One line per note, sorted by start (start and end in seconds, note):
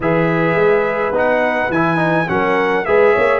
0.00 0.54 E3
0.00 1.13 G#4
0.00 2.30 B4
0.00 1.15 E5
0.54 1.11 G#3
1.11 1.68 B3
1.11 1.70 D#4
1.17 1.71 F#5
1.69 2.26 E3
1.69 1.96 E4
1.69 2.28 G#5
1.96 2.25 D#4
2.28 2.86 F#3
2.28 2.85 C#4
2.28 2.86 A#4
2.28 2.85 F#5
2.85 3.15 G#3
2.85 3.40 G#4
2.85 3.12 B4
2.85 3.40 E5
3.12 3.40 A#3
3.12 3.40 C#5